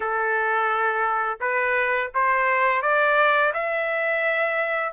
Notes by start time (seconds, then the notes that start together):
0.00 A4
1.40 B4
2.14 C5
2.82 D5
3.53 E5